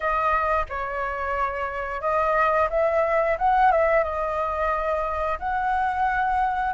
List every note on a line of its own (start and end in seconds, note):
0.00 0.66 D#5
0.69 2.01 C#5
2.01 2.68 D#5
2.70 3.37 E5
3.38 3.71 F#5
3.71 4.03 E5
4.03 5.38 D#5
5.39 6.74 F#5